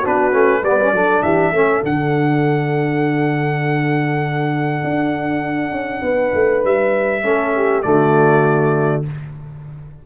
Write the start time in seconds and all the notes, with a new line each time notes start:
0.00 D4 F#4
0.06 B3 B4
0.32 A3 C#4
0.63 G3 B3 B4 D5
0.81 C#4
0.93 F#3 D4 A4
1.23 E3 G4 E5
1.52 A3 C#4 A4
1.83 D3 D4 F#5
4.84 D4
5.71 C#4
6.02 B3 B4
6.34 A3
6.64 G3 E5
7.23 A3 C#4 A4
7.56 G4
7.82 D3 A3 F#4 D5